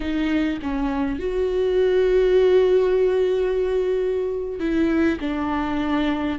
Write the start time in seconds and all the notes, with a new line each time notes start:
0.00 D#4
0.62 C#4
1.19 F#4
4.59 E4
5.20 D4